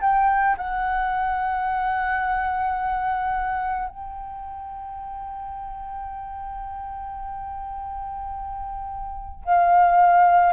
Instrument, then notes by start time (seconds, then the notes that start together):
flute
0.00 G5
0.57 F#5
3.88 G5
9.44 F5